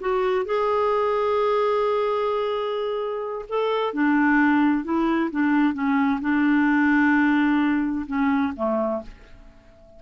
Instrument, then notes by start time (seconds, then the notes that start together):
clarinet
0.00 F#4
0.45 G#4
3.49 A4
3.93 D4
4.84 E4
5.31 D4
5.74 C#4
6.21 D4
8.07 C#4
8.56 A3